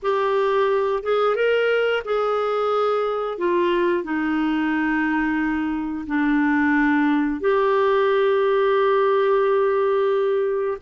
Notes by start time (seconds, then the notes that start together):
0.02 G4
1.03 G#4
1.35 A#4
2.04 G#4
3.38 F4
4.03 D#4
6.06 D4
7.40 G4